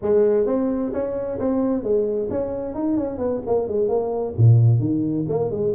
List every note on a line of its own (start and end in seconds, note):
0.02 0.46 G#3
0.46 0.92 C4
0.93 1.39 C#4
1.39 1.83 C4
1.83 2.29 G#3
2.30 2.74 C#4
2.74 2.97 D#4
2.97 3.18 C#4
3.18 3.41 B3
3.46 3.67 A#3
3.67 3.88 G#3
3.88 4.34 A#3
4.37 4.79 A#2
4.79 5.25 D#3
5.28 5.51 A#3
5.51 5.74 G#3